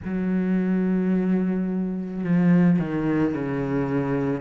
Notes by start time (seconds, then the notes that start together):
0.05 F#3
2.23 F3
2.79 D#3
3.34 C#3